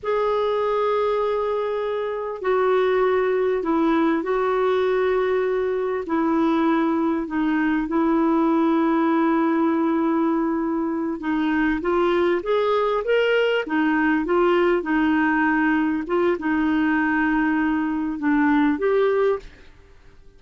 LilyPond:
\new Staff \with { instrumentName = "clarinet" } { \time 4/4 \tempo 4 = 99 gis'1 | fis'2 e'4 fis'4~ | fis'2 e'2 | dis'4 e'2.~ |
e'2~ e'8 dis'4 f'8~ | f'8 gis'4 ais'4 dis'4 f'8~ | f'8 dis'2 f'8 dis'4~ | dis'2 d'4 g'4 | }